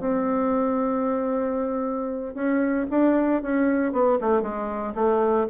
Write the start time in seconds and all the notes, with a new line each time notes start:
0.00 C4
2.35 C#4
2.91 D4
3.42 C#4
3.92 B3
4.21 A3
4.42 G#3
4.95 A3